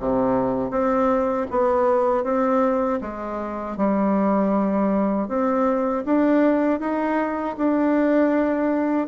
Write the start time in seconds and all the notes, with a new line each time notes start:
0.00 C3
0.71 C4
1.51 B3
2.24 C4
3.01 G#3
3.77 G3
5.28 C4
6.06 D4
6.80 D#4
7.57 D4